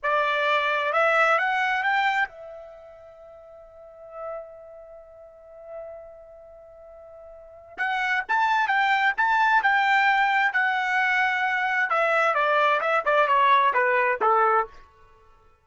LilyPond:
\new Staff \with { instrumentName = "trumpet" } { \time 4/4 \tempo 4 = 131 d''2 e''4 fis''4 | g''4 e''2.~ | e''1~ | e''1~ |
e''4 fis''4 a''4 g''4 | a''4 g''2 fis''4~ | fis''2 e''4 d''4 | e''8 d''8 cis''4 b'4 a'4 | }